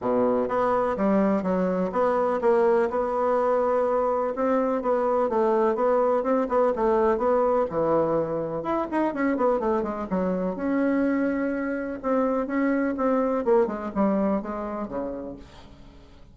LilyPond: \new Staff \with { instrumentName = "bassoon" } { \time 4/4 \tempo 4 = 125 b,4 b4 g4 fis4 | b4 ais4 b2~ | b4 c'4 b4 a4 | b4 c'8 b8 a4 b4 |
e2 e'8 dis'8 cis'8 b8 | a8 gis8 fis4 cis'2~ | cis'4 c'4 cis'4 c'4 | ais8 gis8 g4 gis4 cis4 | }